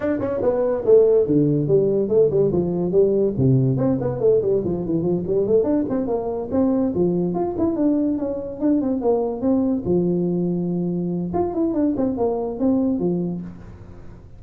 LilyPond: \new Staff \with { instrumentName = "tuba" } { \time 4/4 \tempo 4 = 143 d'8 cis'8 b4 a4 d4 | g4 a8 g8 f4 g4 | c4 c'8 b8 a8 g8 f8 e8 | f8 g8 a8 d'8 c'8 ais4 c'8~ |
c'8 f4 f'8 e'8 d'4 cis'8~ | cis'8 d'8 c'8 ais4 c'4 f8~ | f2. f'8 e'8 | d'8 c'8 ais4 c'4 f4 | }